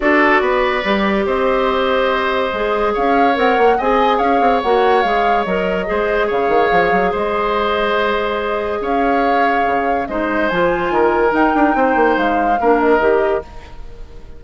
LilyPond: <<
  \new Staff \with { instrumentName = "flute" } { \time 4/4 \tempo 4 = 143 d''2. dis''4~ | dis''2. f''4 | fis''4 gis''4 f''4 fis''4 | f''4 dis''2 f''4~ |
f''4 dis''2.~ | dis''4 f''2. | dis''4 gis''2 g''4~ | g''4 f''4. dis''4. | }
  \new Staff \with { instrumentName = "oboe" } { \time 4/4 a'4 b'2 c''4~ | c''2. cis''4~ | cis''4 dis''4 cis''2~ | cis''2 c''4 cis''4~ |
cis''4 c''2.~ | c''4 cis''2. | c''2 ais'2 | c''2 ais'2 | }
  \new Staff \with { instrumentName = "clarinet" } { \time 4/4 fis'2 g'2~ | g'2 gis'2 | ais'4 gis'2 fis'4 | gis'4 ais'4 gis'2~ |
gis'1~ | gis'1 | dis'4 f'2 dis'4~ | dis'2 d'4 g'4 | }
  \new Staff \with { instrumentName = "bassoon" } { \time 4/4 d'4 b4 g4 c'4~ | c'2 gis4 cis'4 | c'8 ais8 c'4 cis'8 c'8 ais4 | gis4 fis4 gis4 cis8 dis8 |
f8 fis8 gis2.~ | gis4 cis'2 cis4 | gis4 f4 dis4 dis'8 d'8 | c'8 ais8 gis4 ais4 dis4 | }
>>